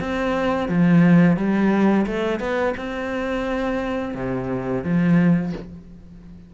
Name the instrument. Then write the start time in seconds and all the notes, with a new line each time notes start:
cello
0.00 C4
0.69 F3
1.37 G3
2.07 A3
2.40 B3
2.77 C4
4.15 C3
4.84 F3